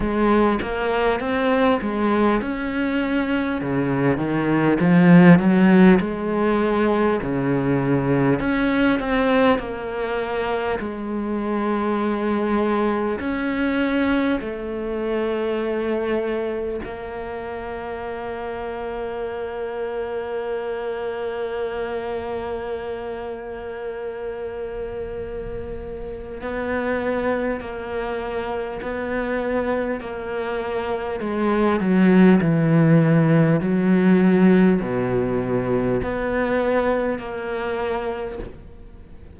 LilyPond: \new Staff \with { instrumentName = "cello" } { \time 4/4 \tempo 4 = 50 gis8 ais8 c'8 gis8 cis'4 cis8 dis8 | f8 fis8 gis4 cis4 cis'8 c'8 | ais4 gis2 cis'4 | a2 ais2~ |
ais1~ | ais2 b4 ais4 | b4 ais4 gis8 fis8 e4 | fis4 b,4 b4 ais4 | }